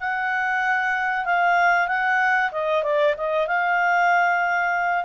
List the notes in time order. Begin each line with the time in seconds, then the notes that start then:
0.00 F#5
1.25 F5
1.87 F#5
2.51 D#5
2.83 D5
3.17 D#5
3.47 F5